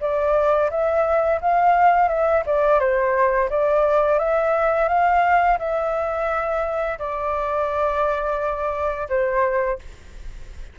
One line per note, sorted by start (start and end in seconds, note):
0.00 0.70 D5
0.70 1.40 E5
1.41 2.08 F5
2.08 2.43 E5
2.46 2.79 D5
2.79 3.49 C5
3.49 4.19 D5
4.19 4.88 E5
4.88 5.58 F5
5.59 6.98 E5
6.98 9.08 D5
9.09 9.79 C5